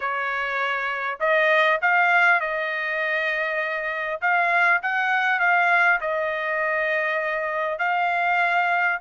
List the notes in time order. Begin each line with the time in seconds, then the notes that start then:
0.00 C#5
1.19 D#5
1.81 F5
2.40 D#5
4.21 F5
4.82 F#5
5.39 F5
6.00 D#5
7.78 F5